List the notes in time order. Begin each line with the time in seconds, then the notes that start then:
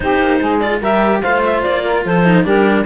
0.00 C4 D#4 G4 C5
0.19 A#3
0.39 G#3 G#4
0.60 F4 D5
0.80 G3 G4 A#4 E5
1.21 A3 F4 C5 F5
1.45 E5
1.62 A#3 D5
1.84 A#4
2.04 F3 A4 C5
2.24 D#4
2.43 G3 D4 G4 A#4